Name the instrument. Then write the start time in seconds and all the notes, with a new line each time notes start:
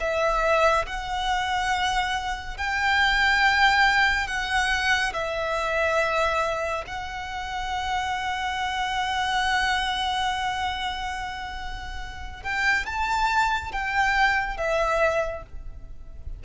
violin
0.00 E5
0.86 F#5
2.57 G5
4.27 F#5
5.13 E5
6.87 F#5
12.43 G5
12.86 A5
13.72 G5
14.57 E5